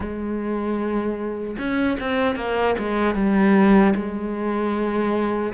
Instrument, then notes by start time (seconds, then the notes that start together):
cello
0.00 G#3
1.58 C#4
2.00 C4
2.35 A#3
2.78 G#3
3.14 G3
3.95 G#3